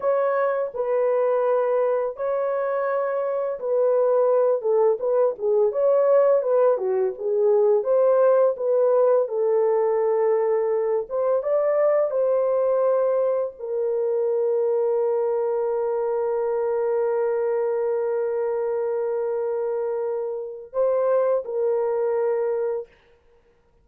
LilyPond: \new Staff \with { instrumentName = "horn" } { \time 4/4 \tempo 4 = 84 cis''4 b'2 cis''4~ | cis''4 b'4. a'8 b'8 gis'8 | cis''4 b'8 fis'8 gis'4 c''4 | b'4 a'2~ a'8 c''8 |
d''4 c''2 ais'4~ | ais'1~ | ais'1~ | ais'4 c''4 ais'2 | }